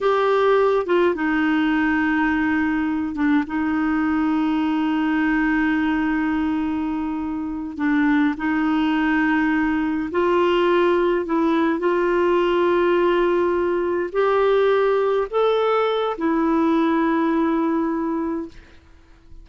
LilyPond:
\new Staff \with { instrumentName = "clarinet" } { \time 4/4 \tempo 4 = 104 g'4. f'8 dis'2~ | dis'4. d'8 dis'2~ | dis'1~ | dis'4. d'4 dis'4.~ |
dis'4. f'2 e'8~ | e'8 f'2.~ f'8~ | f'8 g'2 a'4. | e'1 | }